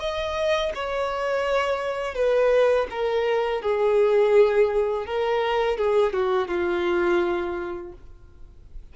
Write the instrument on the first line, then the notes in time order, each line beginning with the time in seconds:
violin
0.00 D#5
0.75 C#5
2.15 B4
2.90 A#4
3.62 G#4
5.07 A#4
5.78 G#4
6.13 F#4
6.48 F4